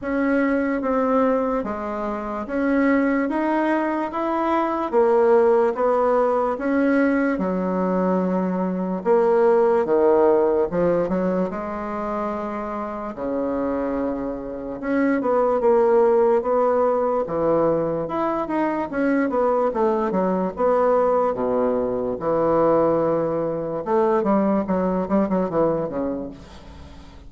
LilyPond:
\new Staff \with { instrumentName = "bassoon" } { \time 4/4 \tempo 4 = 73 cis'4 c'4 gis4 cis'4 | dis'4 e'4 ais4 b4 | cis'4 fis2 ais4 | dis4 f8 fis8 gis2 |
cis2 cis'8 b8 ais4 | b4 e4 e'8 dis'8 cis'8 b8 | a8 fis8 b4 b,4 e4~ | e4 a8 g8 fis8 g16 fis16 e8 cis8 | }